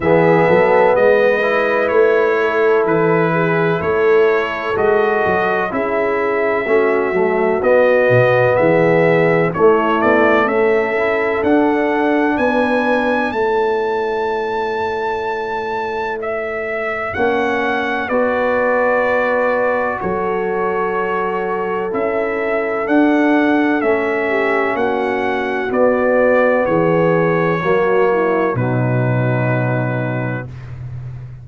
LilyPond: <<
  \new Staff \with { instrumentName = "trumpet" } { \time 4/4 \tempo 4 = 63 e''4 dis''4 cis''4 b'4 | cis''4 dis''4 e''2 | dis''4 e''4 cis''8 d''8 e''4 | fis''4 gis''4 a''2~ |
a''4 e''4 fis''4 d''4~ | d''4 cis''2 e''4 | fis''4 e''4 fis''4 d''4 | cis''2 b'2 | }
  \new Staff \with { instrumentName = "horn" } { \time 4/4 gis'8 a'8 b'4. a'4 gis'8 | a'2 gis'4 fis'4~ | fis'4 gis'4 e'4 a'4~ | a'4 b'4 cis''2~ |
cis''2. b'4~ | b'4 a'2.~ | a'4. g'8 fis'2 | gis'4 fis'8 e'8 dis'2 | }
  \new Staff \with { instrumentName = "trombone" } { \time 4/4 b4. e'2~ e'8~ | e'4 fis'4 e'4 cis'8 a8 | b2 a4. e'8 | d'2 e'2~ |
e'2 cis'4 fis'4~ | fis'2. e'4 | d'4 cis'2 b4~ | b4 ais4 fis2 | }
  \new Staff \with { instrumentName = "tuba" } { \time 4/4 e8 fis8 gis4 a4 e4 | a4 gis8 fis8 cis'4 a8 fis8 | b8 b,8 e4 a8 b8 cis'4 | d'4 b4 a2~ |
a2 ais4 b4~ | b4 fis2 cis'4 | d'4 a4 ais4 b4 | e4 fis4 b,2 | }
>>